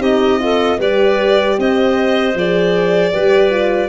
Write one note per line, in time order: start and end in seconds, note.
0.00 0.78 C4
0.00 0.39 D#4
0.00 0.40 G4
0.00 0.80 D#5
0.39 0.78 F4
0.39 0.79 A4
0.79 1.57 G3
0.79 2.36 G4
0.79 1.56 B4
0.79 1.60 D5
1.59 2.35 C4
1.59 3.12 C5
1.59 2.38 D#5
2.35 3.13 F3
2.35 3.12 G#4
2.35 3.90 D5
3.12 3.90 G3
3.12 3.51 G4
3.12 3.90 B4
3.51 3.90 F4